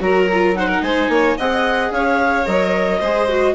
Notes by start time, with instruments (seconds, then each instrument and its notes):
0.00 bassoon F#3, viola F#4, violin A#4, clarinet A#5
0.34 viola F4
0.55 viola D#4, violin C5, clarinet F#5
0.68 violin A#4
0.81 bassoon G#3, violin C5, clarinet G#5
1.09 bassoon A#3, violin C#5
1.37 bassoon C4, viola G#4, violin D#5, clarinet F#5
1.91 bassoon C#4, violin C#5, clarinet F5
2.46 bassoon F#3, viola A#4, clarinet D#5
3.00 bassoon G#3, viola G#4, violin C5
3.29 viola F#4